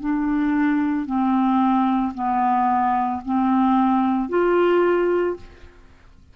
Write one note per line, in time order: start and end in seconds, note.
0.00 1.05 D4
1.05 2.12 C4
2.14 3.21 B3
3.24 4.29 C4
4.29 5.36 F4